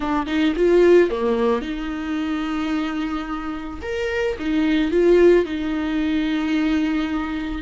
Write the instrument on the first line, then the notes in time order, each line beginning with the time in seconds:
viola
0.00 D4
0.26 D#4
0.56 F4
1.09 A#3
1.61 D#4
3.82 A#4
4.39 D#4
4.91 F4
5.45 D#4